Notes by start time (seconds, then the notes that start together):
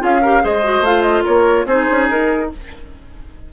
0.00 C#4 F4 G#4 F5
0.22 G4 A#4
0.42 G#3 G#4 C5 D#5
0.64 F#4
0.81 A3 F4 F5
1.02 D#5
1.24 A#3 A#4 C#5
1.66 C4 D#4 G#4 C5
1.91 C#4
2.10 D#4 A#4